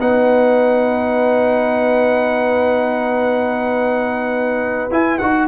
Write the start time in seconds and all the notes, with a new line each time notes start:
0.00 B3 D#4 B4 F#5
4.91 E4 G#5
5.18 D#4 F#4 F#5